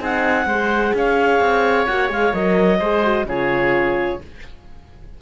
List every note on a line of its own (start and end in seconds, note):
0.00 0.46 C4
0.00 0.47 D#4
0.00 0.48 G#4
0.00 0.97 F#5
0.46 0.93 G#3
0.46 1.90 G#4
0.46 0.94 C5
0.94 1.40 C#4
0.94 2.79 C#5
0.94 1.87 F5
1.40 1.87 C4
1.87 2.10 A#3
1.87 2.09 F#4
1.87 2.10 F#5
2.09 2.33 G#3
2.09 2.33 G#4
2.09 2.34 F5
2.34 2.81 F#3
2.34 2.80 A#4
2.34 3.27 D#5
2.79 3.25 G#3
2.79 3.04 G#4
2.79 3.26 C5
3.04 3.27 F#4
3.25 4.18 C#3
3.25 4.21 F4
3.25 4.22 G#4
3.25 4.22 C#5